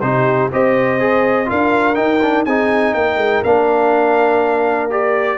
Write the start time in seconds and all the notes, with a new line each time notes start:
0.00 C3 D#4 G4 C5
0.51 C4 G4 C5 D#5
0.99 G#4
1.45 D4 F4 A#4 F5
1.94 D#4 G5
2.22 D4
2.45 C4 D#4 G#4 G#5
2.93 A#3 A#4 G5
3.17 G#3
3.43 A#3 D4 F5
4.90 G4 D5